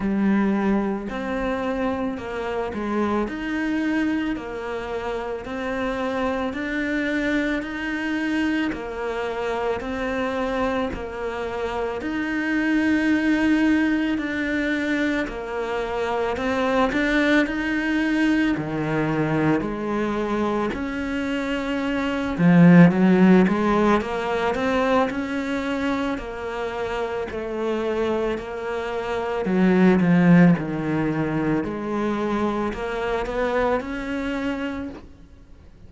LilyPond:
\new Staff \with { instrumentName = "cello" } { \time 4/4 \tempo 4 = 55 g4 c'4 ais8 gis8 dis'4 | ais4 c'4 d'4 dis'4 | ais4 c'4 ais4 dis'4~ | dis'4 d'4 ais4 c'8 d'8 |
dis'4 dis4 gis4 cis'4~ | cis'8 f8 fis8 gis8 ais8 c'8 cis'4 | ais4 a4 ais4 fis8 f8 | dis4 gis4 ais8 b8 cis'4 | }